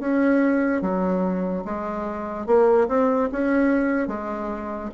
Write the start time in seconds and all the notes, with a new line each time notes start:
0.00 C#4
0.82 F#3
1.65 G#3
2.47 A#3
2.88 C4
3.32 C#4
4.08 G#3